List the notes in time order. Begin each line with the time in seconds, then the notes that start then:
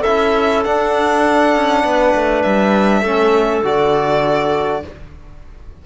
0.00 E4 A4 E5
0.06 C#4
0.64 D4 F#5
1.55 C#4
1.83 B3 B4
2.14 A3
2.42 G3 E5
3.01 A3 C#4 A4
3.63 D3 F#4 D5